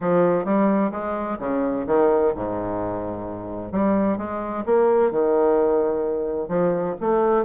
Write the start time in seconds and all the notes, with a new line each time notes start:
0.00 F3
0.44 G3
0.91 G#3
1.39 C#3
1.86 D#3
2.35 G#2
3.72 G3
4.17 G#3
4.65 A#3
5.11 D#3
6.48 F3
7.00 A3